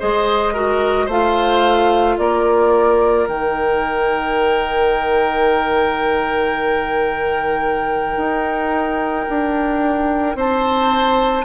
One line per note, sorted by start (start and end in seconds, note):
0.00 1.08 G#3
0.00 0.55 G#4
0.00 0.54 C5
0.00 1.10 D#5
0.54 1.09 F#4
0.54 1.06 A#4
1.06 2.17 A3
1.06 3.29 F4
1.06 2.15 C5
1.06 2.19 F5
2.19 3.28 A#3
2.19 10.37 A#4
2.19 3.28 D5
3.28 8.17 D#3
3.28 11.45 D#4
3.28 10.38 G5
8.17 9.26 D#4
9.30 10.35 D4
10.35 11.45 C4
10.35 11.45 C5
10.35 11.45 A5